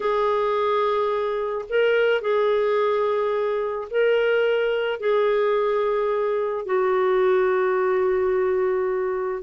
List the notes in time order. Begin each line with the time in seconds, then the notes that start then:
0.00 G#4
1.69 A#4
2.21 G#4
3.90 A#4
4.99 G#4
6.65 F#4